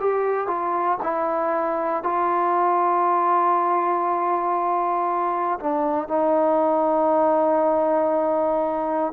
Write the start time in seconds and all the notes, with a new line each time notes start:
0.00 G4
0.47 F4
1.03 E4
2.03 F4
5.60 D4
6.08 D#4